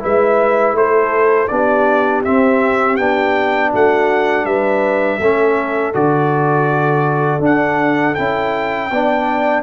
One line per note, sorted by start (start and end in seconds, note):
0.00 0.73 G#3
0.00 1.48 E4
0.00 0.76 B4
0.00 0.77 E5
0.73 1.47 A3
0.73 1.52 A4
0.73 1.48 C5
1.48 2.26 B3
1.48 2.25 D4
1.48 3.72 G4
1.48 2.22 D5
2.25 2.99 C4
2.25 3.00 C4
2.25 2.97 E5
2.97 3.74 B3
2.97 5.21 D4
2.97 3.71 G5
3.72 4.45 A3
3.72 4.46 F#4
3.72 4.46 F#5
4.45 5.19 G3
4.45 5.20 B4
4.45 5.94 E5
5.20 5.94 A3
5.20 5.94 C#4
5.20 8.93 A4
5.94 7.40 D3
5.94 7.41 F#4
5.94 7.43 D5
7.40 8.14 D4
7.40 8.15 D4
7.40 8.15 F#5
8.15 8.91 C#4
8.15 8.90 E4
8.15 9.63 G5
8.91 9.63 B3
8.91 9.63 D4
8.91 9.63 D5